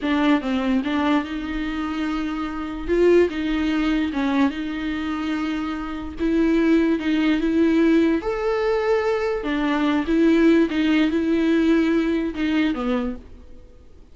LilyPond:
\new Staff \with { instrumentName = "viola" } { \time 4/4 \tempo 4 = 146 d'4 c'4 d'4 dis'4~ | dis'2. f'4 | dis'2 cis'4 dis'4~ | dis'2. e'4~ |
e'4 dis'4 e'2 | a'2. d'4~ | d'8 e'4. dis'4 e'4~ | e'2 dis'4 b4 | }